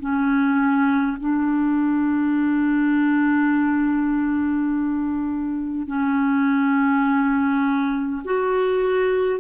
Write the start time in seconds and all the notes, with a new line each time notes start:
0.00 C#4
1.20 D4
5.87 C#4
8.25 F#4